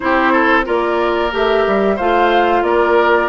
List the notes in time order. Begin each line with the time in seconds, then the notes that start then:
0.00 C4 E4 G4 C5
0.32 A4
0.64 A#3 F4 A#4 D5
1.31 A3 G4 E5
1.66 G3
1.96 A3 F4 C5 F5
2.62 A#3 A#4 D5